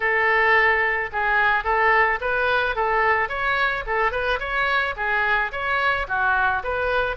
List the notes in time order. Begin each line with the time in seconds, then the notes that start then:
0.00 A4
1.12 G#4
1.64 A4
2.20 B4
2.75 A4
3.29 C#5
3.86 A4
4.11 B4
4.39 C#5
4.96 G#4
5.51 C#5
6.08 F#4
6.63 B4